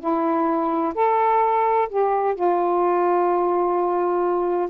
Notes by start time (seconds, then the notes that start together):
0.00 E4
0.95 A4
1.89 G4
2.35 F4